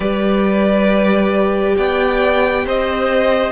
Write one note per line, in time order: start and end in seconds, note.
0.00 1.75 G3
0.00 3.51 G4
0.00 1.75 B4
0.00 1.77 D5
1.77 2.65 B3
1.77 2.65 D5
1.77 2.65 G5
2.65 3.51 C4
2.65 3.51 C5
2.65 3.51 D#5